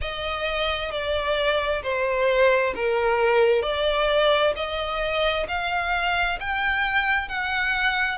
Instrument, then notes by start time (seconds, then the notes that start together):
violin
0.01 D#5
0.91 D5
1.83 C5
2.75 A#4
3.62 D5
4.56 D#5
5.48 F5
6.40 G5
7.28 F#5